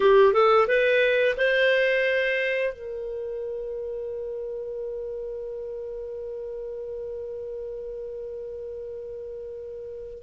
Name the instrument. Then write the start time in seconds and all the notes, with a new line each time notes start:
clarinet
0.00 G4
0.33 A4
0.67 B4
1.37 C5
2.73 A#4